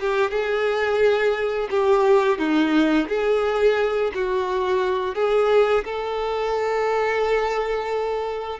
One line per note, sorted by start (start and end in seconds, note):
0.00 0.30 G4
0.30 1.68 G#4
1.70 2.39 G4
2.39 3.08 D#4
3.08 4.11 G#4
4.14 5.15 F#4
5.15 5.84 G#4
5.85 8.59 A4